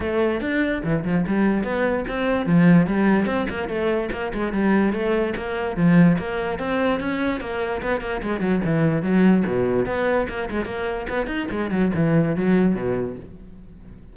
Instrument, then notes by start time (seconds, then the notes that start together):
cello
0.00 A3
0.40 D4
0.83 E3
1.04 F3
1.26 G3
1.63 B3
2.08 C4
2.46 F3
2.86 G3
3.25 C4
3.49 A#3
3.68 A3
4.12 A#3
4.33 G#3
4.52 G3
4.92 A3
5.36 A#3
5.76 F3
6.18 A#3
6.59 C4
7.00 C#4
7.40 A#3
7.82 B3
8.00 A#3
8.22 G#3
8.40 F#3
8.64 E3
9.02 F#3
9.46 B2
9.86 B3
10.28 A#3
10.50 G#3
10.65 A#3
11.09 B3
11.26 D#4
11.50 G#3
11.70 F#3
11.94 E3
12.35 F#3
12.74 B2